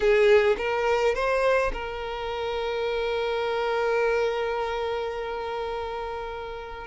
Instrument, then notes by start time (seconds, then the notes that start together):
violin
0.00 G#4
0.57 A#4
1.14 C5
1.73 A#4